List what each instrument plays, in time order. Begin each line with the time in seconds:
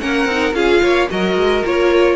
0.00 cello A#3, viola C#4, violin A#4 F#5
0.26 cello C4, viola D#4
0.53 cello C#4, viola F4, violin G#4 F5
0.82 cello A#3, violin C#5
1.09 cello F#3, viola F#4, violin A#4 D#5
1.36 cello G#3
1.65 cello A#3, viola F4, violin C#5